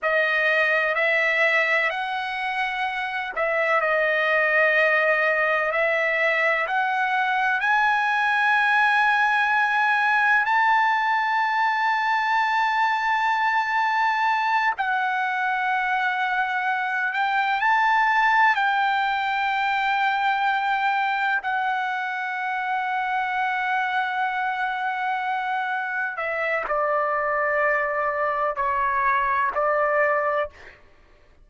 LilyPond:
\new Staff \with { instrumentName = "trumpet" } { \time 4/4 \tempo 4 = 63 dis''4 e''4 fis''4. e''8 | dis''2 e''4 fis''4 | gis''2. a''4~ | a''2.~ a''8 fis''8~ |
fis''2 g''8 a''4 g''8~ | g''2~ g''8 fis''4.~ | fis''2.~ fis''8 e''8 | d''2 cis''4 d''4 | }